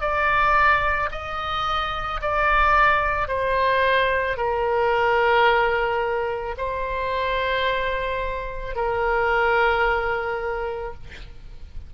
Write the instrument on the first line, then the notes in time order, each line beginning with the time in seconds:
oboe
0.00 D5
1.11 D#5
2.21 D5
3.27 C5
4.37 A#4
6.57 C5
8.75 A#4